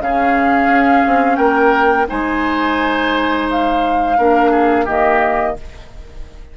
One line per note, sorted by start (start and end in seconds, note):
0.00 0.68 C#3
0.00 2.07 C#4
0.00 1.37 G#4
0.00 1.36 F5
0.68 1.03 C#4
1.07 1.38 C4
1.36 2.07 A#3
1.36 2.07 A#4
1.36 2.06 G5
2.07 4.18 G#3
2.07 4.16 D#4
2.07 4.18 C5
2.07 3.49 G#5
3.50 4.87 F5
4.17 4.87 A#3
4.17 4.87 D4
4.17 4.51 A#4
4.51 4.85 G#4
4.85 5.57 D#3
4.85 5.56 A#3
4.85 5.55 G4
4.85 5.57 D#5